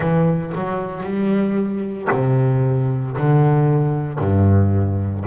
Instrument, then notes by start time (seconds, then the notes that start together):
double bass
0.00 E3
0.55 F#3
1.03 G3
2.11 C3
3.17 D3
4.19 G2